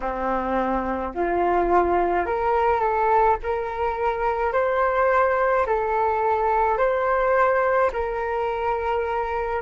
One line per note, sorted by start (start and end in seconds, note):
0.00 1.13 C4
1.14 2.26 F4
2.26 2.80 A#4
2.80 3.37 A4
3.43 4.52 A#4
4.52 5.66 C5
5.66 6.77 A4
6.77 7.90 C5
7.92 9.62 A#4